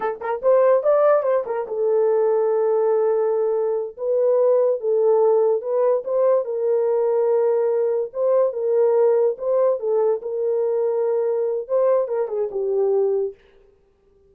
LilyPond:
\new Staff \with { instrumentName = "horn" } { \time 4/4 \tempo 4 = 144 a'8 ais'8 c''4 d''4 c''8 ais'8 | a'1~ | a'4. b'2 a'8~ | a'4. b'4 c''4 ais'8~ |
ais'2.~ ais'8 c''8~ | c''8 ais'2 c''4 a'8~ | a'8 ais'2.~ ais'8 | c''4 ais'8 gis'8 g'2 | }